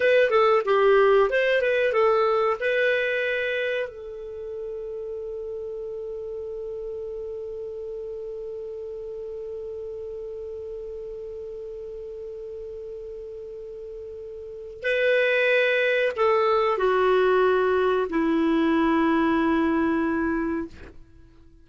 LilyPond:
\new Staff \with { instrumentName = "clarinet" } { \time 4/4 \tempo 4 = 93 b'8 a'8 g'4 c''8 b'8 a'4 | b'2 a'2~ | a'1~ | a'1~ |
a'1~ | a'2. b'4~ | b'4 a'4 fis'2 | e'1 | }